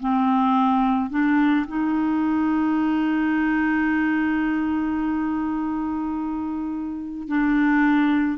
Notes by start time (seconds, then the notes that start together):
0.00 C4
1.10 D4
1.67 D#4
7.28 D4